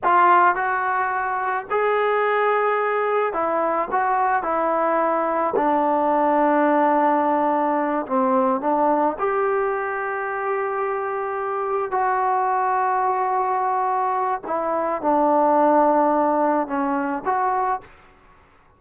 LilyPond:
\new Staff \with { instrumentName = "trombone" } { \time 4/4 \tempo 4 = 108 f'4 fis'2 gis'4~ | gis'2 e'4 fis'4 | e'2 d'2~ | d'2~ d'8 c'4 d'8~ |
d'8 g'2.~ g'8~ | g'4. fis'2~ fis'8~ | fis'2 e'4 d'4~ | d'2 cis'4 fis'4 | }